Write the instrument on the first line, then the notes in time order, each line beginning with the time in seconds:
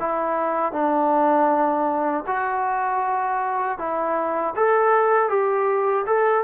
trombone
0.00 E4
0.73 D4
2.27 F#4
3.78 E4
4.56 A4
5.30 G4
6.07 A4